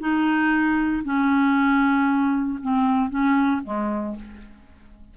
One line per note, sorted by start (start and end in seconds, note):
0.00 1.03 D#4
1.04 2.60 C#4
2.62 3.10 C4
3.10 3.62 C#4
3.64 4.16 G#3